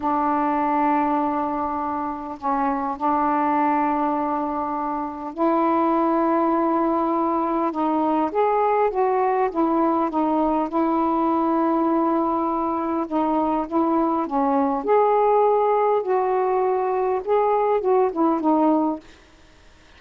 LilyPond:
\new Staff \with { instrumentName = "saxophone" } { \time 4/4 \tempo 4 = 101 d'1 | cis'4 d'2.~ | d'4 e'2.~ | e'4 dis'4 gis'4 fis'4 |
e'4 dis'4 e'2~ | e'2 dis'4 e'4 | cis'4 gis'2 fis'4~ | fis'4 gis'4 fis'8 e'8 dis'4 | }